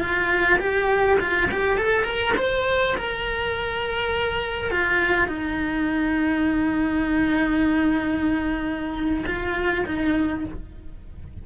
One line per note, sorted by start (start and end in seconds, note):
0.00 0.59 F4
0.59 1.18 G4
1.20 1.49 F4
1.51 1.78 G4
1.78 2.04 A4
2.04 2.33 A#4
2.37 2.96 C5
2.97 4.71 A#4
4.71 5.28 F4
5.28 9.25 D#4
9.26 9.85 F4
9.86 10.45 D#4